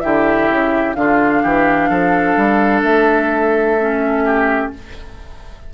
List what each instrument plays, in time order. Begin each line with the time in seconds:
0.00 bassoon D3, clarinet E4, oboe G4, flute E5
0.49 bassoon C#3
0.94 bassoon D3, clarinet D4, oboe F4, flute F5
1.42 bassoon E3, oboe G4
1.89 bassoon F3, oboe A4
2.36 bassoon G3
2.83 bassoon A3, flute E5
3.80 clarinet C#4
4.25 oboe G4